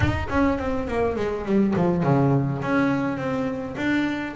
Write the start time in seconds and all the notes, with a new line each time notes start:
0.00 D#4
0.29 C#4
0.58 C4
0.87 A#3
1.16 G#3
1.45 G3
1.76 F3
2.03 C#3
2.62 C#4
3.17 C4
3.76 D4